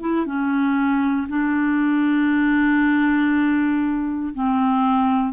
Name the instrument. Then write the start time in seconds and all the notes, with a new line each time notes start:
clarinet
0.00 E4
0.26 C#4
1.29 D4
4.34 C4